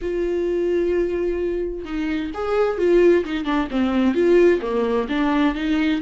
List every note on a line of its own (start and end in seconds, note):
0.01 1.85 F4
1.85 2.31 D#4
2.33 2.78 G#4
2.78 3.24 F4
3.24 3.44 D#4
3.44 3.68 D4
3.70 4.14 C4
4.14 4.60 F4
4.61 5.07 A#3
5.09 5.54 D4
5.54 6.01 D#4